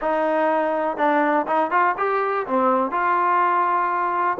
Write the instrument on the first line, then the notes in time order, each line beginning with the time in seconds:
trombone
0.01 D#4
0.97 D4
1.47 D#4
1.71 F4
1.97 G4
2.46 C4
2.91 F4